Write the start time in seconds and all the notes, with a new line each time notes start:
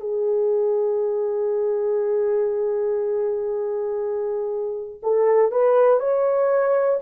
0.00 G#4
5.03 A4
5.51 B4
6.00 C#5